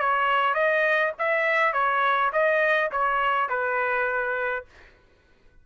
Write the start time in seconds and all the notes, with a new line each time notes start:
0.00 C#5
0.55 D#5
1.19 E5
1.73 C#5
2.33 D#5
2.92 C#5
3.50 B4